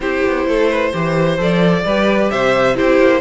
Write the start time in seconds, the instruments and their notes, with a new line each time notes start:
0.00 cello C4, viola E4, violin G4 C5
0.27 cello B3
0.46 cello A3, violin A4
0.70 violin B4
0.89 cello E3, viola G4, violin C5
1.37 cello F3, viola A4, violin D5
1.84 cello G3, viola G4, violin B4
2.30 cello C3, violin C5 E5
2.74 cello C4, viola E4, violin G4 C5
2.99 cello A#3